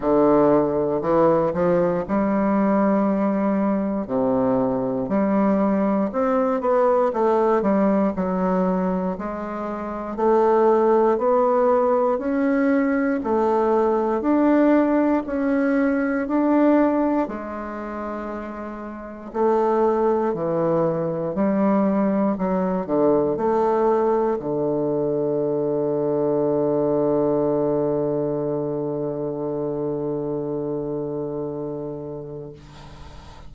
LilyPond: \new Staff \with { instrumentName = "bassoon" } { \time 4/4 \tempo 4 = 59 d4 e8 f8 g2 | c4 g4 c'8 b8 a8 g8 | fis4 gis4 a4 b4 | cis'4 a4 d'4 cis'4 |
d'4 gis2 a4 | e4 g4 fis8 d8 a4 | d1~ | d1 | }